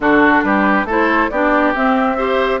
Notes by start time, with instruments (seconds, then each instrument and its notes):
0.00 bassoon D3, clarinet D4, oboe F#4, flute A4
0.43 bassoon G3, oboe G4, flute B4
0.84 bassoon A3, clarinet E4, oboe A4
0.91 flute C5
1.29 bassoon B3, clarinet D4, oboe G4, flute D5
1.74 clarinet C4, bassoon C4, flute E5
2.17 clarinet G4, oboe C5